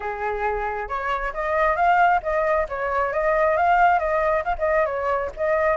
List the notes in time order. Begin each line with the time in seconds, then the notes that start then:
0.00 G#4
0.88 C#5
1.33 D#5
1.76 F5
2.22 D#5
2.68 C#5
3.12 D#5
3.56 F5
3.99 D#5
4.44 F5
4.58 D#5
4.85 C#5
5.36 D#5